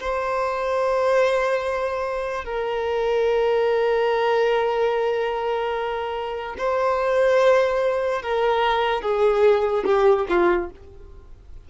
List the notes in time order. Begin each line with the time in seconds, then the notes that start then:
0.00 C5
2.45 A#4
6.58 C5
8.23 A#4
9.02 G#4
9.85 G4
10.29 F4